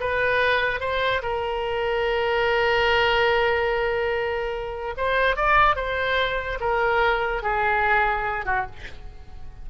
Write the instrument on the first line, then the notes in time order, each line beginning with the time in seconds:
oboe
0.00 B4
0.80 C5
1.22 A#4
4.97 C5
5.36 D5
5.76 C5
6.60 A#4
7.43 G#4
8.45 F#4